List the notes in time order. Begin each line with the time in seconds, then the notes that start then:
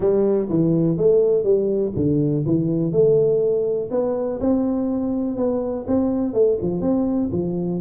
0.00 G3
0.49 E3
0.97 A3
1.43 G3
1.96 D3
2.46 E3
2.91 A3
3.90 B3
4.40 C4
5.36 B3
5.87 C4
6.33 A3
6.61 F3
6.81 C4
7.32 F3